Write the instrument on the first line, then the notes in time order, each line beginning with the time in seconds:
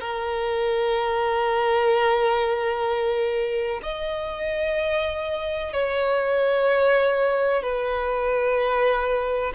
violin
0.00 A#4
3.83 D#5
5.73 C#5
7.63 B4